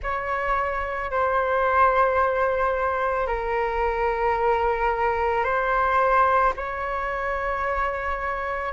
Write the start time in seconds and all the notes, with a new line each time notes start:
0.02 C#5
1.11 C5
3.27 A#4
5.43 C5
6.56 C#5